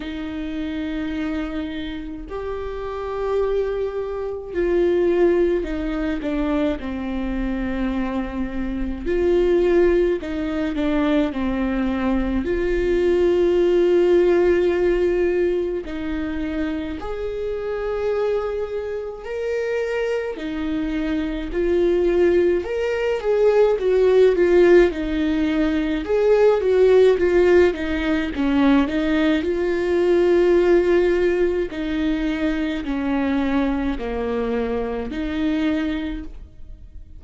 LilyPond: \new Staff \with { instrumentName = "viola" } { \time 4/4 \tempo 4 = 53 dis'2 g'2 | f'4 dis'8 d'8 c'2 | f'4 dis'8 d'8 c'4 f'4~ | f'2 dis'4 gis'4~ |
gis'4 ais'4 dis'4 f'4 | ais'8 gis'8 fis'8 f'8 dis'4 gis'8 fis'8 | f'8 dis'8 cis'8 dis'8 f'2 | dis'4 cis'4 ais4 dis'4 | }